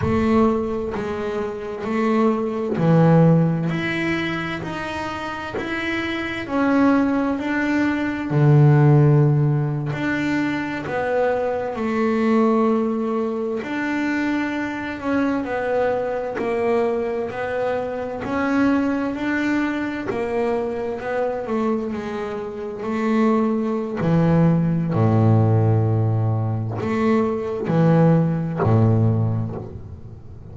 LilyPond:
\new Staff \with { instrumentName = "double bass" } { \time 4/4 \tempo 4 = 65 a4 gis4 a4 e4 | e'4 dis'4 e'4 cis'4 | d'4 d4.~ d16 d'4 b16~ | b8. a2 d'4~ d'16~ |
d'16 cis'8 b4 ais4 b4 cis'16~ | cis'8. d'4 ais4 b8 a8 gis16~ | gis8. a4~ a16 e4 a,4~ | a,4 a4 e4 a,4 | }